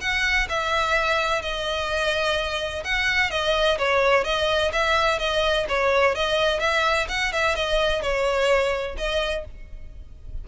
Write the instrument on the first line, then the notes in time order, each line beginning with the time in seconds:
violin
0.00 F#5
0.49 E5
1.41 D#5
2.84 F#5
3.30 D#5
3.78 C#5
4.24 D#5
4.72 E5
5.19 D#5
5.68 C#5
6.15 D#5
6.60 E5
7.08 F#5
7.32 E5
7.55 D#5
8.01 C#5
8.97 D#5